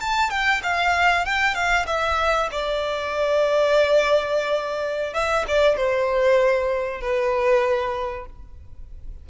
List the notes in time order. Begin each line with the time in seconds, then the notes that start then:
0.00 A5
0.30 G5
0.63 F5
1.25 G5
1.54 F5
1.86 E5
2.51 D5
5.13 E5
5.47 D5
5.76 C5
7.00 B4